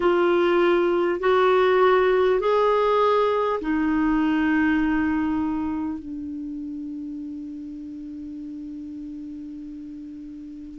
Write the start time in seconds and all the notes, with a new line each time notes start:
0.00 F4
1.20 F#4
2.39 G#4
3.60 D#4
5.98 D4